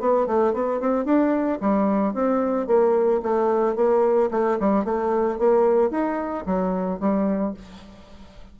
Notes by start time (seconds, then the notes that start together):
0.00 B3
0.27 A3
0.54 B3
0.81 C4
1.05 D4
1.61 G3
2.14 C4
2.67 A#3
3.23 A3
3.76 A#3
4.31 A3
4.60 G3
4.85 A3
5.39 A#3
5.91 D#4
6.46 F#3
7.00 G3